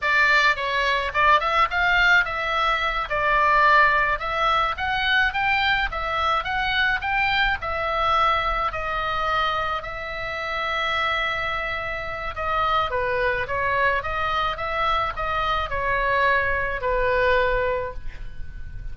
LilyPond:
\new Staff \with { instrumentName = "oboe" } { \time 4/4 \tempo 4 = 107 d''4 cis''4 d''8 e''8 f''4 | e''4. d''2 e''8~ | e''8 fis''4 g''4 e''4 fis''8~ | fis''8 g''4 e''2 dis''8~ |
dis''4. e''2~ e''8~ | e''2 dis''4 b'4 | cis''4 dis''4 e''4 dis''4 | cis''2 b'2 | }